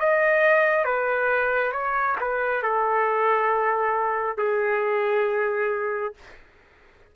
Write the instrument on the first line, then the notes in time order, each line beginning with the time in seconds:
trumpet
0.00 D#5
0.85 B4
1.72 C#5
2.21 B4
2.63 A4
4.38 G#4